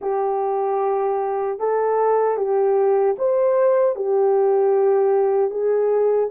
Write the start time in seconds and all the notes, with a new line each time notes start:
0.01 G4
1.59 A4
2.37 G4
3.18 C5
3.95 G4
5.50 G#4